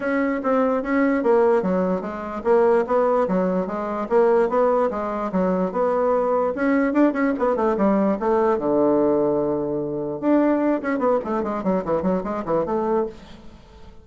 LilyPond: \new Staff \with { instrumentName = "bassoon" } { \time 4/4 \tempo 4 = 147 cis'4 c'4 cis'4 ais4 | fis4 gis4 ais4 b4 | fis4 gis4 ais4 b4 | gis4 fis4 b2 |
cis'4 d'8 cis'8 b8 a8 g4 | a4 d2.~ | d4 d'4. cis'8 b8 a8 | gis8 fis8 e8 fis8 gis8 e8 a4 | }